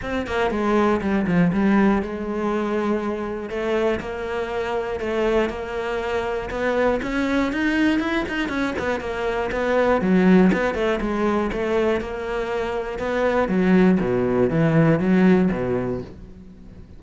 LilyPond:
\new Staff \with { instrumentName = "cello" } { \time 4/4 \tempo 4 = 120 c'8 ais8 gis4 g8 f8 g4 | gis2. a4 | ais2 a4 ais4~ | ais4 b4 cis'4 dis'4 |
e'8 dis'8 cis'8 b8 ais4 b4 | fis4 b8 a8 gis4 a4 | ais2 b4 fis4 | b,4 e4 fis4 b,4 | }